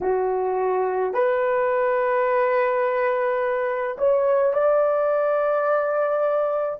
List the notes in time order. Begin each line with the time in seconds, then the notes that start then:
0.01 F#4
1.13 B4
3.98 C#5
4.53 D5